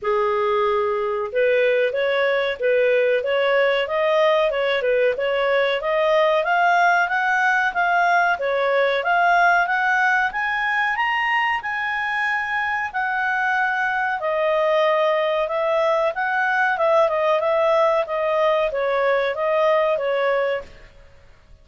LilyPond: \new Staff \with { instrumentName = "clarinet" } { \time 4/4 \tempo 4 = 93 gis'2 b'4 cis''4 | b'4 cis''4 dis''4 cis''8 b'8 | cis''4 dis''4 f''4 fis''4 | f''4 cis''4 f''4 fis''4 |
gis''4 ais''4 gis''2 | fis''2 dis''2 | e''4 fis''4 e''8 dis''8 e''4 | dis''4 cis''4 dis''4 cis''4 | }